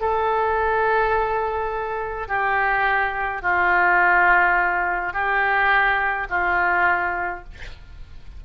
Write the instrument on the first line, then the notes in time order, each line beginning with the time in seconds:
oboe
0.00 A4
2.28 G4
3.42 F4
5.13 G4
6.30 F4